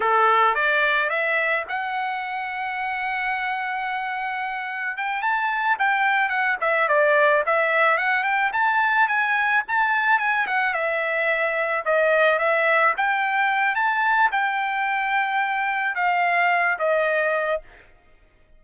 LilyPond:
\new Staff \with { instrumentName = "trumpet" } { \time 4/4 \tempo 4 = 109 a'4 d''4 e''4 fis''4~ | fis''1~ | fis''4 g''8 a''4 g''4 fis''8 | e''8 d''4 e''4 fis''8 g''8 a''8~ |
a''8 gis''4 a''4 gis''8 fis''8 e''8~ | e''4. dis''4 e''4 g''8~ | g''4 a''4 g''2~ | g''4 f''4. dis''4. | }